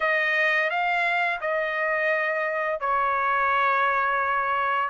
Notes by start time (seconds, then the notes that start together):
0.00 D#5
0.70 F5
1.40 D#5
2.80 C#5